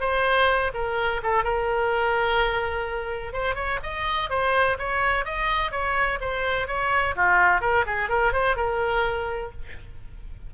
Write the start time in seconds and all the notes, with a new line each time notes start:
0.00 C5
0.74 A#4
1.23 A4
1.44 A#4
3.33 C5
3.55 C#5
3.83 D#5
4.30 C5
4.79 C#5
5.25 D#5
5.71 C#5
6.20 C5
6.67 C#5
7.16 F4
7.61 A#4
7.86 G#4
8.09 A#4
8.32 C5
8.56 A#4